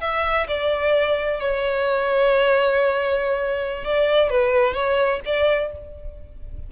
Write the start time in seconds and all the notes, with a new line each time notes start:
0.00 E5
0.48 D5
1.40 C#5
3.84 D5
4.30 B4
4.73 C#5
5.25 D5